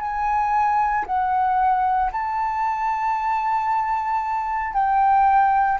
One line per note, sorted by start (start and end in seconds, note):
0.00 1.05 G#5
1.06 2.11 F#5
2.11 4.73 A5
4.73 5.78 G5